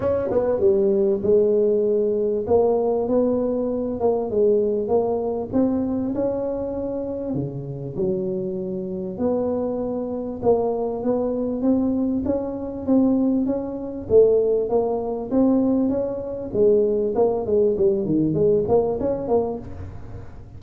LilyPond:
\new Staff \with { instrumentName = "tuba" } { \time 4/4 \tempo 4 = 98 cis'8 b8 g4 gis2 | ais4 b4. ais8 gis4 | ais4 c'4 cis'2 | cis4 fis2 b4~ |
b4 ais4 b4 c'4 | cis'4 c'4 cis'4 a4 | ais4 c'4 cis'4 gis4 | ais8 gis8 g8 dis8 gis8 ais8 cis'8 ais8 | }